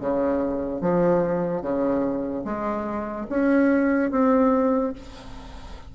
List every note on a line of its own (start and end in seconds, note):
0.00 0.81 C#3
0.81 1.61 F3
1.61 2.44 C#3
2.44 3.27 G#3
3.29 4.11 C#4
4.11 4.93 C4